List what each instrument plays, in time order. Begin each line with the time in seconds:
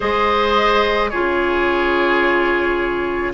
0.00 bassoon G#3, clarinet G#4, oboe C5, flute D#5
1.09 bassoon C#3, clarinet F4, oboe G#4, flute C#5